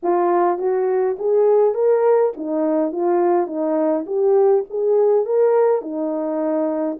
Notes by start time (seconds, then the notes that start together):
0.03 F4
0.58 F#4
1.19 G#4
1.74 A#4
2.36 D#4
2.92 F4
3.47 D#4
4.06 G4
4.70 G#4
5.25 A#4
5.81 D#4